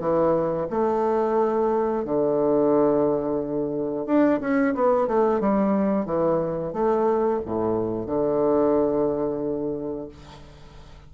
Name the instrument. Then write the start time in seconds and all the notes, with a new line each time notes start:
bassoon
0.00 E3
0.70 A3
2.05 D3
4.07 D4
4.41 C#4
4.75 B3
5.08 A3
5.41 G3
6.06 E3
6.73 A3
7.46 A2
8.07 D3